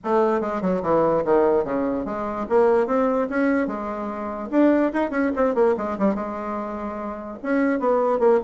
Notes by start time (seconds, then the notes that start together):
0.04 A3
0.41 G#3
0.61 F#3
0.82 E3
1.24 D#3
1.64 C#3
2.05 G#3
2.49 A#3
2.87 C4
3.29 C#4
3.67 G#3
4.50 D4
4.93 D#4
5.10 C#4
5.36 C4
5.54 A#3
5.77 G#3
5.98 G3
6.14 G#3
7.42 C#4
7.79 B3
8.19 A#3